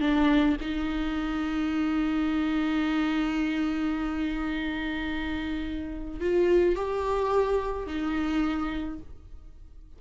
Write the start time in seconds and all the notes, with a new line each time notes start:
0.00 D4
0.60 D#4
6.20 F4
6.75 G4
7.87 D#4